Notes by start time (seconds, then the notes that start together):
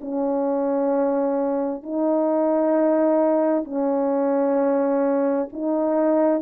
0.00 C#4
1.83 D#4
3.64 C#4
5.52 D#4